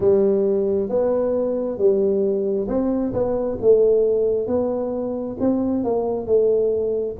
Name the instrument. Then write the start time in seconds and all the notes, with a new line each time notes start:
tuba
0.00 G3
0.89 B3
1.77 G3
2.67 C4
3.13 B3
3.61 A3
4.47 B3
5.40 C4
5.84 A#3
6.26 A3